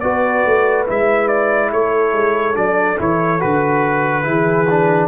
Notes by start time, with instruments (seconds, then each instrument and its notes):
0.00 tuba B3, trombone F#4, horn B4, trumpet D5
0.45 tuba A3
0.87 tuba G#3, trombone E4, trumpet E5
1.28 trumpet D5
1.71 tuba A3, horn A4, trumpet C#5
2.13 tuba G#3
2.54 tuba F#3, trombone D4, trumpet D5
2.98 tuba E3, trombone E4, trumpet C#5
3.40 tuba D3, trombone F#4, trumpet B4
4.23 tuba E3, trombone E4, horn G#4
4.70 trombone D4